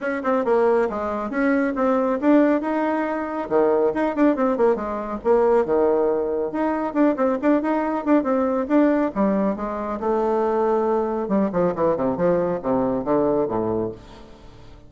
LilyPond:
\new Staff \with { instrumentName = "bassoon" } { \time 4/4 \tempo 4 = 138 cis'8 c'8 ais4 gis4 cis'4 | c'4 d'4 dis'2 | dis4 dis'8 d'8 c'8 ais8 gis4 | ais4 dis2 dis'4 |
d'8 c'8 d'8 dis'4 d'8 c'4 | d'4 g4 gis4 a4~ | a2 g8 f8 e8 c8 | f4 c4 d4 a,4 | }